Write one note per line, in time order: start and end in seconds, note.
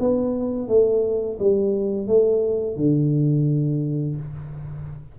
0.00 0.68 B3
0.68 1.38 A3
1.40 2.08 G3
2.08 2.77 A3
2.77 4.16 D3